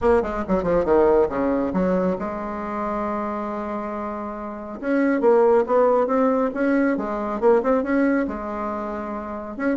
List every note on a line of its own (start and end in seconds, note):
0.01 0.22 A#3
0.22 0.44 G#3
0.48 0.63 F#3
0.63 0.84 F3
0.84 1.28 D#3
1.28 1.72 C#3
1.73 2.16 F#3
2.19 4.79 G#3
4.80 5.21 C#4
5.21 5.64 A#3
5.66 6.07 B3
6.07 6.50 C4
6.54 6.97 C#4
6.97 7.40 G#3
7.40 7.62 A#3
7.62 7.83 C4
7.83 8.26 C#4
8.27 9.57 G#3
9.57 9.77 C#4